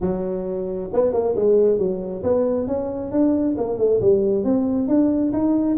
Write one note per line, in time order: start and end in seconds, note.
0.01 0.89 F#3
0.93 1.13 B3
1.13 1.35 A#3
1.35 1.78 G#3
1.78 2.22 F#3
2.23 2.67 B3
2.67 3.11 C#4
3.11 3.56 D4
3.57 3.78 A#3
3.78 4.00 A3
4.00 4.44 G3
4.44 4.87 C4
4.87 5.32 D4
5.32 5.77 D#4